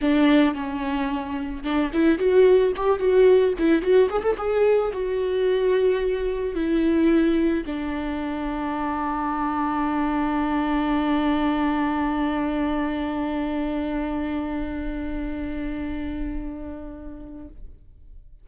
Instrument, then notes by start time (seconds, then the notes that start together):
viola
0.01 D4
0.54 C#4
1.63 D4
1.93 E4
2.18 F#4
2.76 G4
2.99 F#4
3.58 E4
3.82 F#4
4.09 G#4
4.22 A4
4.37 G#4
4.92 F#4
6.55 E4
7.66 D4